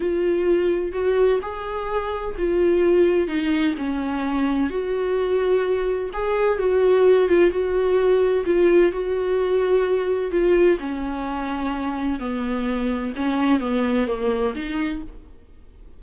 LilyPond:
\new Staff \with { instrumentName = "viola" } { \time 4/4 \tempo 4 = 128 f'2 fis'4 gis'4~ | gis'4 f'2 dis'4 | cis'2 fis'2~ | fis'4 gis'4 fis'4. f'8 |
fis'2 f'4 fis'4~ | fis'2 f'4 cis'4~ | cis'2 b2 | cis'4 b4 ais4 dis'4 | }